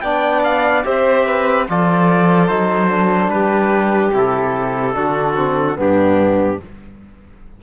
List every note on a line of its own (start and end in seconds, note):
0.00 0.84 B3
0.00 0.83 D4
0.00 0.85 D5
0.00 0.41 G5
0.43 0.84 F5
0.83 1.68 C4
0.83 1.65 G4
0.83 1.26 C5
0.83 1.67 E5
1.26 1.67 B4
1.68 2.49 F3
1.68 2.48 F4
1.68 3.33 A4
1.68 2.47 D5
2.47 3.27 F#3
2.47 2.88 D#4
2.47 3.29 C5
2.88 4.12 D4
3.27 4.10 G3
3.27 4.95 G4
3.27 4.12 B4
4.13 4.95 C3
4.13 4.93 E4
4.13 5.80 A4
4.93 5.77 D3
4.93 5.34 D4
4.93 5.77 F#4
5.35 5.75 C4
5.75 6.60 G2
5.75 6.57 B3
5.75 6.60 D4
5.75 6.62 G4